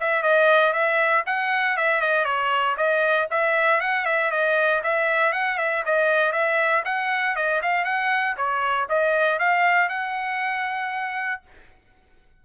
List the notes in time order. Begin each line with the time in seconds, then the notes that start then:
0.00 E5
0.22 D#5
0.73 E5
1.26 F#5
1.77 E5
2.01 D#5
2.24 C#5
2.77 D#5
3.30 E5
3.80 F#5
4.05 E5
4.31 D#5
4.83 E5
5.32 F#5
5.57 E5
5.85 D#5
6.32 E5
6.85 F#5
7.35 D#5
7.62 F5
7.84 F#5
8.37 C#5
8.89 D#5
9.39 F5
9.89 F#5